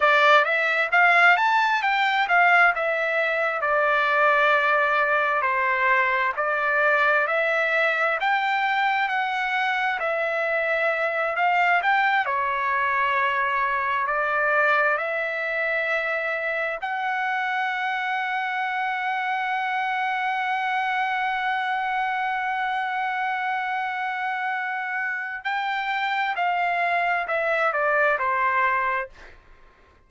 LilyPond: \new Staff \with { instrumentName = "trumpet" } { \time 4/4 \tempo 4 = 66 d''8 e''8 f''8 a''8 g''8 f''8 e''4 | d''2 c''4 d''4 | e''4 g''4 fis''4 e''4~ | e''8 f''8 g''8 cis''2 d''8~ |
d''8 e''2 fis''4.~ | fis''1~ | fis''1 | g''4 f''4 e''8 d''8 c''4 | }